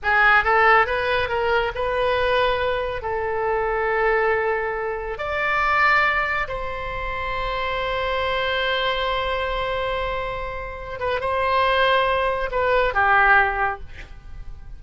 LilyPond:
\new Staff \with { instrumentName = "oboe" } { \time 4/4 \tempo 4 = 139 gis'4 a'4 b'4 ais'4 | b'2. a'4~ | a'1 | d''2. c''4~ |
c''1~ | c''1~ | c''4. b'8 c''2~ | c''4 b'4 g'2 | }